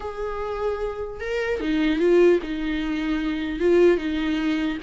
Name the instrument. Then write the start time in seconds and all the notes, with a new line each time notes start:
viola
0.00 G#4
1.20 A#4
1.60 D#4
1.99 F4
2.42 D#4
3.59 F4
3.97 D#4